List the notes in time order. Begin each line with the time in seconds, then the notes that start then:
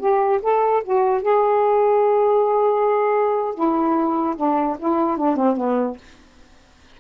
0.00 G4
0.43 A4
0.84 F#4
1.22 G#4
3.55 E4
4.37 D4
4.79 E4
5.18 D4
5.37 C4
5.57 B3